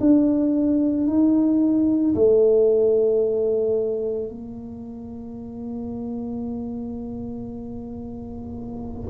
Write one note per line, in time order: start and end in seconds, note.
0.00 1.07 D4
1.07 2.14 D#4
2.15 4.29 A3
4.29 9.10 A#3